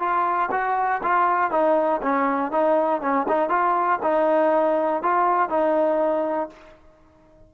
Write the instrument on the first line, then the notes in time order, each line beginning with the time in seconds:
trombone
0.00 F4
0.52 F#4
1.03 F4
1.51 D#4
2.02 C#4
2.52 D#4
3.02 C#4
3.28 D#4
3.50 F4
4.03 D#4
5.03 F4
5.50 D#4